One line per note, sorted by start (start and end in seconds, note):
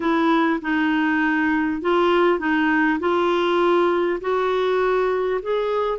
0.00 0.59 E4
0.61 1.81 D#4
1.81 2.39 F4
2.39 2.99 D#4
2.99 4.19 F4
4.21 5.41 F#4
5.41 5.98 G#4